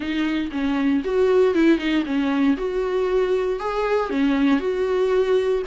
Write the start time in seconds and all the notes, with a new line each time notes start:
0.00 D#4
0.51 C#4
1.04 F#4
1.54 E4
1.78 D#4
2.05 C#4
2.57 F#4
3.59 G#4
4.10 C#4
4.59 F#4